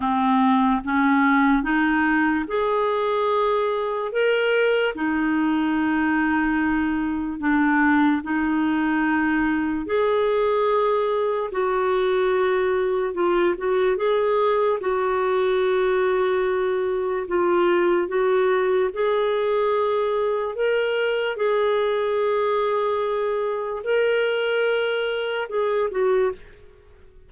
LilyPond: \new Staff \with { instrumentName = "clarinet" } { \time 4/4 \tempo 4 = 73 c'4 cis'4 dis'4 gis'4~ | gis'4 ais'4 dis'2~ | dis'4 d'4 dis'2 | gis'2 fis'2 |
f'8 fis'8 gis'4 fis'2~ | fis'4 f'4 fis'4 gis'4~ | gis'4 ais'4 gis'2~ | gis'4 ais'2 gis'8 fis'8 | }